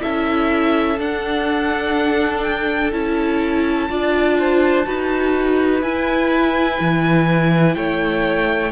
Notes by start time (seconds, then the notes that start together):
0.00 C#4 E4 A4 E5
0.98 D4 F#5
2.43 G5
2.92 C#4 E4 A5
3.89 D4 F4 D5
4.39 C5
4.84 D#4 F#4 B4
5.82 E4 G#5
6.80 E3
7.74 A3 C#5 G5